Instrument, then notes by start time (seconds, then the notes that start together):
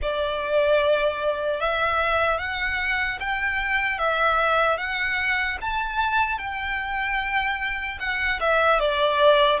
violin
0.02 D5
1.60 E5
2.39 F#5
3.20 G5
3.98 E5
4.77 F#5
5.61 A5
6.38 G5
7.99 F#5
8.40 E5
8.79 D5